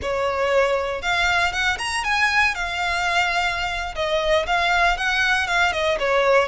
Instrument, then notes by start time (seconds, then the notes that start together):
violin
0.02 C#5
1.02 F5
1.52 F#5
1.78 A#5
2.04 G#5
2.54 F5
3.95 D#5
4.46 F5
4.97 F#5
5.47 F5
5.72 D#5
5.99 C#5